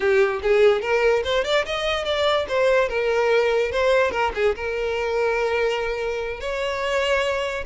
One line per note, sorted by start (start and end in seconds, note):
0.00 0.40 G4
0.42 0.81 G#4
0.81 1.23 A#4
1.23 1.44 C5
1.44 1.65 D5
1.65 2.04 D#5
2.04 2.46 D5
2.48 2.89 C5
2.89 3.71 A#4
3.71 4.11 C5
4.11 4.31 A#4
4.34 4.55 G#4
4.55 6.40 A#4
6.40 7.64 C#5